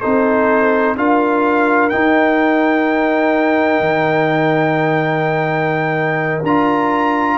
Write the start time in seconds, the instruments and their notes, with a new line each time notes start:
0.00 tuba C4, trombone D#4, horn A4, trumpet C5
0.97 tuba D4, trombone F4, horn A#4, trumpet F5
1.89 trombone D#4, tuba D#4, trumpet G5
3.80 tuba D#3
6.43 tuba D4, trombone F4, trumpet A#5